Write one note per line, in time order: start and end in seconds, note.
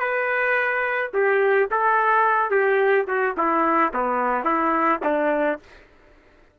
0.00 1.11 B4
1.14 1.69 G4
1.71 2.51 A4
2.51 3.06 G4
3.07 3.35 F#4
3.37 3.93 E4
3.94 4.44 B3
4.44 5.00 E4
5.04 5.59 D4